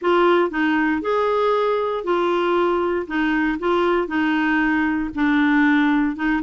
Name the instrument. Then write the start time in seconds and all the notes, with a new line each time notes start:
clarinet
0.01 F4
0.50 D#4
1.01 G#4
2.04 F4
3.07 D#4
3.59 F4
4.07 D#4
5.14 D4
6.16 D#4